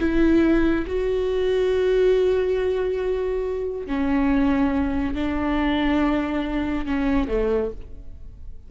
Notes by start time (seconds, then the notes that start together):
0.00 E4
0.87 F#4
3.87 C#4
5.15 D4
6.86 C#4
7.28 A3